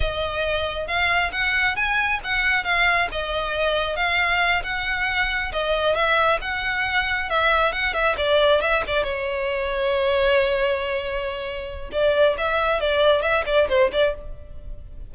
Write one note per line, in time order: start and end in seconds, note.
0.00 0.87 D#5
0.87 1.31 F5
1.32 1.75 F#5
1.75 2.20 G#5
2.24 2.64 F#5
2.64 3.08 F5
3.11 3.96 D#5
3.96 4.62 F5
4.63 5.51 F#5
5.52 5.95 D#5
5.95 6.39 E5
6.41 7.29 F#5
7.29 7.72 E5
7.72 7.93 F#5
7.93 8.15 E5
8.17 8.61 D5
8.61 8.83 E5
8.87 9.03 D5
9.03 11.90 C#5
11.92 12.36 D5
12.37 12.80 E5
12.80 13.21 D5
13.21 13.43 E5
13.46 13.68 D5
13.69 13.91 C5
13.92 14.14 D5